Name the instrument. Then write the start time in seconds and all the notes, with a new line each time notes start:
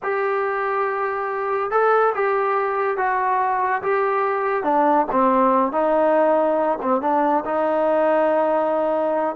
trombone
0.02 G4
1.70 A4
2.15 G4
2.97 F#4
3.82 G4
4.63 D4
5.11 C4
5.72 D#4
6.82 C4
7.01 D4
7.45 D#4